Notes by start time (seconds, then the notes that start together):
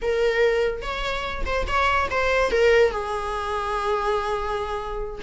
0.02 A#4
0.81 C#5
1.45 C5
1.67 C#5
2.10 C5
2.51 A#4
2.91 G#4